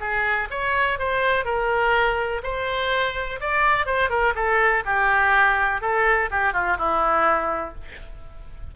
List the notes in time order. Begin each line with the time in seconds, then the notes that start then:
0.00 G#4
0.50 C#5
0.99 C5
1.45 A#4
2.43 C5
3.40 D5
3.86 C5
4.09 A#4
4.35 A4
4.85 G4
5.81 A4
6.31 G4
6.53 F4
6.78 E4